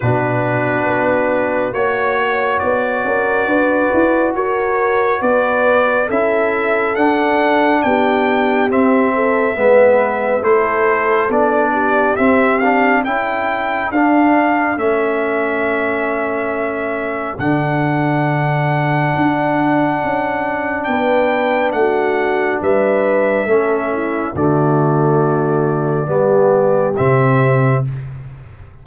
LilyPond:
<<
  \new Staff \with { instrumentName = "trumpet" } { \time 4/4 \tempo 4 = 69 b'2 cis''4 d''4~ | d''4 cis''4 d''4 e''4 | fis''4 g''4 e''2 | c''4 d''4 e''8 f''8 g''4 |
f''4 e''2. | fis''1 | g''4 fis''4 e''2 | d''2. e''4 | }
  \new Staff \with { instrumentName = "horn" } { \time 4/4 fis'2 cis''4. ais'8 | b'4 ais'4 b'4 a'4~ | a'4 g'4. a'8 b'4 | a'4. g'4. a'4~ |
a'1~ | a'1 | b'4 fis'4 b'4 a'8 e'8 | fis'2 g'2 | }
  \new Staff \with { instrumentName = "trombone" } { \time 4/4 d'2 fis'2~ | fis'2. e'4 | d'2 c'4 b4 | e'4 d'4 c'8 d'8 e'4 |
d'4 cis'2. | d'1~ | d'2. cis'4 | a2 b4 c'4 | }
  \new Staff \with { instrumentName = "tuba" } { \time 4/4 b,4 b4 ais4 b8 cis'8 | d'8 e'8 fis'4 b4 cis'4 | d'4 b4 c'4 gis4 | a4 b4 c'4 cis'4 |
d'4 a2. | d2 d'4 cis'4 | b4 a4 g4 a4 | d2 g4 c4 | }
>>